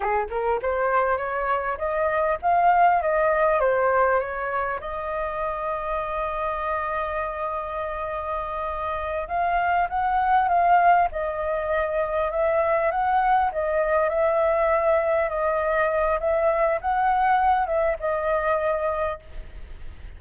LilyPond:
\new Staff \with { instrumentName = "flute" } { \time 4/4 \tempo 4 = 100 gis'8 ais'8 c''4 cis''4 dis''4 | f''4 dis''4 c''4 cis''4 | dis''1~ | dis''2.~ dis''8 f''8~ |
f''8 fis''4 f''4 dis''4.~ | dis''8 e''4 fis''4 dis''4 e''8~ | e''4. dis''4. e''4 | fis''4. e''8 dis''2 | }